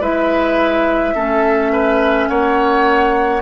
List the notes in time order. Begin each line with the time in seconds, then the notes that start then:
0.00 G#3 E4 B4 E5
1.15 A3 C#4 A4
1.72 B4
2.28 A#3 C#5 F#5